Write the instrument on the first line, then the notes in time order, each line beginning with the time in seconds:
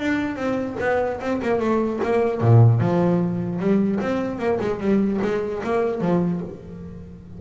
double bass
0.00 D4
0.36 C4
0.80 B3
1.21 C4
1.43 A#3
1.60 A3
2.03 A#3
2.41 A#2
2.81 F3
3.60 G3
4.00 C4
4.39 A#3
4.61 G#3
4.80 G3
5.22 G#3
5.64 A#3
6.01 F3